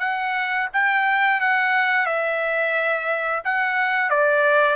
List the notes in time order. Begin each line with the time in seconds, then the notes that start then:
0.00 F#5
0.74 G5
1.41 F#5
2.06 E5
3.45 F#5
4.10 D5